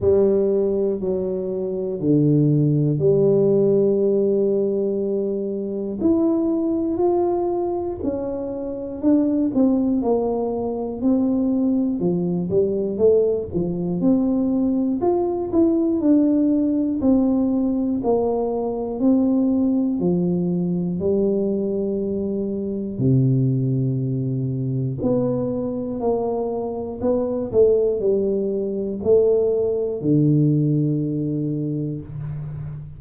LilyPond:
\new Staff \with { instrumentName = "tuba" } { \time 4/4 \tempo 4 = 60 g4 fis4 d4 g4~ | g2 e'4 f'4 | cis'4 d'8 c'8 ais4 c'4 | f8 g8 a8 f8 c'4 f'8 e'8 |
d'4 c'4 ais4 c'4 | f4 g2 c4~ | c4 b4 ais4 b8 a8 | g4 a4 d2 | }